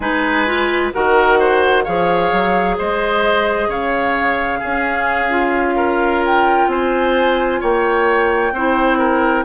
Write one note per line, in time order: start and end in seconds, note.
0.00 0.91 G#3
0.00 0.46 D#4
0.00 0.93 B4
0.00 0.89 G#5
0.46 0.92 F4
0.93 1.87 D#3
0.93 1.85 F#4
0.93 1.39 A#4
0.93 1.84 F#5
1.39 1.83 C5
1.83 2.32 F3
1.83 4.62 G#4
1.83 2.76 C#5
1.83 2.76 F5
2.32 2.78 F#3
2.77 3.67 G#3
2.77 3.68 C5
2.77 3.70 D#5
3.67 4.60 C#3
3.67 4.59 C#5
3.67 6.24 F5
4.59 5.29 C#4
4.59 6.67 C#4
4.59 5.74 G#4
5.29 8.52 F4
5.76 6.68 A#4
6.25 6.69 G5
6.67 7.59 C4
6.67 7.60 C5
6.67 7.62 G#5
7.60 8.52 A#3
7.60 8.52 C#5
7.60 9.45 G5
8.52 9.44 C4
8.52 9.45 E4
8.52 8.98 C5
8.98 9.44 A#4